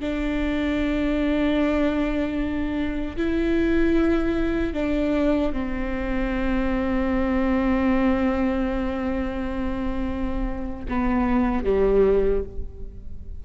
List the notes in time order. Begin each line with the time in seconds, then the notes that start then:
0.00 D4
3.17 E4
4.73 D4
5.53 C4
10.88 B3
11.64 G3